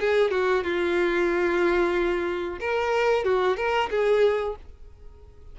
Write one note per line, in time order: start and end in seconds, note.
0.00 0.31 G#4
0.31 0.63 F#4
0.64 2.59 F4
2.60 3.24 A#4
3.24 3.57 F#4
3.57 3.90 A#4
3.90 4.56 G#4